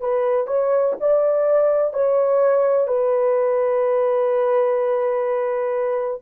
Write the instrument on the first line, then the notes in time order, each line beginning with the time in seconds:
horn
0.00 B4
0.46 C#5
1.00 D5
1.93 C#5
2.87 B4